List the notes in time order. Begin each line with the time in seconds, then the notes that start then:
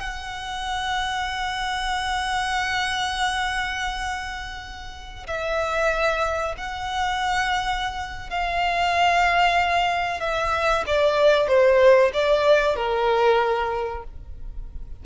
0.00 F#5
5.27 E5
6.57 F#5
8.30 F5
10.20 E5
10.87 D5
11.48 C5
12.14 D5
12.76 A#4